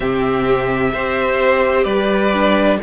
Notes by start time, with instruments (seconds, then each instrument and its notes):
0.00 cello C3, viola C4, violin G4 E5
0.93 cello C4, viola G4, violin C5
1.84 cello G3, violin B4 D5
2.33 viola D4